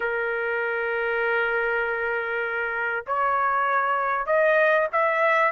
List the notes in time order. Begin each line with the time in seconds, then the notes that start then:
0.00 A#4
3.06 C#5
4.26 D#5
4.92 E5